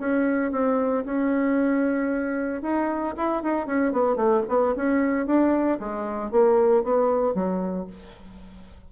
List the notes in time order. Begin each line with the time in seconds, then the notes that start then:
0.00 C#4
0.52 C4
1.05 C#4
2.62 D#4
3.17 E4
3.43 D#4
3.67 C#4
3.93 B3
4.16 A3
4.49 B3
4.76 C#4
5.26 D4
5.80 G#3
6.31 A#3
6.83 B3
7.34 F#3